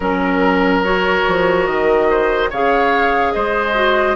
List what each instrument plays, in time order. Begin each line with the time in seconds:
0.00 bassoon F#3, clarinet C#4, oboe A#4, flute A#4
0.83 clarinet F#4, flute C#5
1.28 bassoon F3
1.66 bassoon D#3, flute D#5
2.10 oboe C5
2.49 bassoon C#3, clarinet G#4, oboe C#5, flute F5
3.32 bassoon G#3, oboe C5, flute D#5
3.74 clarinet F#4